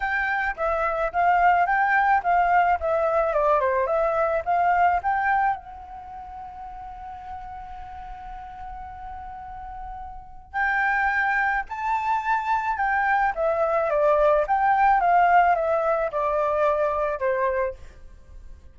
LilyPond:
\new Staff \with { instrumentName = "flute" } { \time 4/4 \tempo 4 = 108 g''4 e''4 f''4 g''4 | f''4 e''4 d''8 c''8 e''4 | f''4 g''4 fis''2~ | fis''1~ |
fis''2. g''4~ | g''4 a''2 g''4 | e''4 d''4 g''4 f''4 | e''4 d''2 c''4 | }